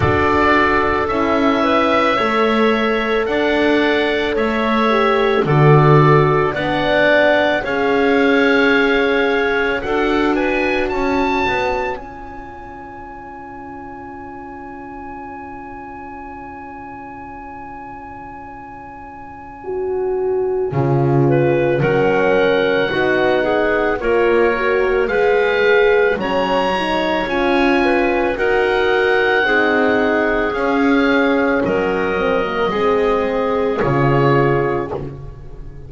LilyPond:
<<
  \new Staff \with { instrumentName = "oboe" } { \time 4/4 \tempo 4 = 55 d''4 e''2 fis''4 | e''4 d''4 fis''4 f''4~ | f''4 fis''8 gis''8 a''4 gis''4~ | gis''1~ |
gis''1 | fis''2 cis''4 f''4 | ais''4 gis''4 fis''2 | f''4 dis''2 cis''4 | }
  \new Staff \with { instrumentName = "clarinet" } { \time 4/4 a'4. b'8 cis''4 d''4 | cis''4 a'4 d''4 cis''4~ | cis''4 a'8 b'8 cis''2~ | cis''1~ |
cis''2.~ cis''8 b'8 | ais'4 fis'8 gis'8 ais'4 b'4 | cis''4. b'8 ais'4 gis'4~ | gis'4 ais'4 gis'2 | }
  \new Staff \with { instrumentName = "horn" } { \time 4/4 fis'4 e'4 a'2~ | a'8 g'8 fis'4 d'4 gis'4~ | gis'4 fis'2 f'4~ | f'1~ |
f'2 fis'4 f'4 | cis'4 dis'4 f'8 fis'8 gis'4 | cis'8 dis'8 f'4 fis'4 dis'4 | cis'4. c'16 ais16 c'4 f'4 | }
  \new Staff \with { instrumentName = "double bass" } { \time 4/4 d'4 cis'4 a4 d'4 | a4 d4 b4 cis'4~ | cis'4 d'4 cis'8 b8 cis'4~ | cis'1~ |
cis'2. cis4 | fis4 b4 ais4 gis4 | fis4 cis'4 dis'4 c'4 | cis'4 fis4 gis4 cis4 | }
>>